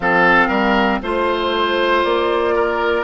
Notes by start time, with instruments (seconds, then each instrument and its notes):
0.00 bassoon F3, clarinet C4, oboe A4, flute F5
0.48 bassoon G3, oboe A#4
1.02 bassoon A3, clarinet F4, oboe C5, flute C5
2.03 bassoon A#3, flute D5
2.54 oboe A#4